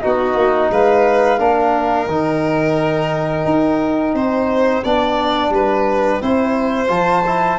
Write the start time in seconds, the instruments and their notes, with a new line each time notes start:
0.00 tuba B3, trombone D#4, violin F#4, flute D#5
0.35 tuba A#3
0.70 tuba G#3, violin B4, flute F5
1.39 tuba A#3, trombone D4, violin A#4
2.07 tuba D#3, trombone D#4, flute G5
3.45 tuba D#4
4.14 tuba C4, violin C5
4.84 tuba B3, trombone D4, violin D5
5.50 tuba G3, violin B4
6.22 tuba C4, trombone E4, violin C5
6.88 tuba F3, trombone F4, flute A5
7.26 trombone E4